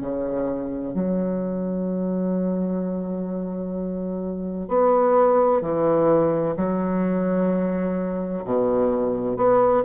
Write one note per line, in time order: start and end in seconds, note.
0.00 0.94 C#3
0.94 4.68 F#3
4.68 5.61 B3
5.61 6.55 E3
6.56 8.44 F#3
8.44 9.36 B2
9.36 9.83 B3